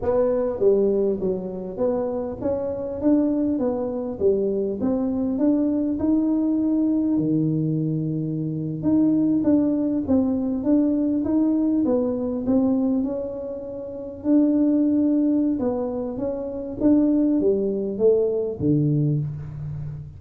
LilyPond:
\new Staff \with { instrumentName = "tuba" } { \time 4/4 \tempo 4 = 100 b4 g4 fis4 b4 | cis'4 d'4 b4 g4 | c'4 d'4 dis'2 | dis2~ dis8. dis'4 d'16~ |
d'8. c'4 d'4 dis'4 b16~ | b8. c'4 cis'2 d'16~ | d'2 b4 cis'4 | d'4 g4 a4 d4 | }